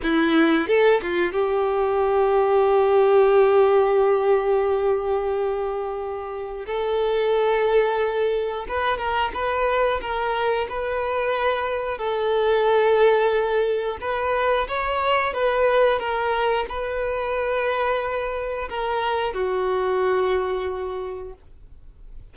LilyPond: \new Staff \with { instrumentName = "violin" } { \time 4/4 \tempo 4 = 90 e'4 a'8 f'8 g'2~ | g'1~ | g'2 a'2~ | a'4 b'8 ais'8 b'4 ais'4 |
b'2 a'2~ | a'4 b'4 cis''4 b'4 | ais'4 b'2. | ais'4 fis'2. | }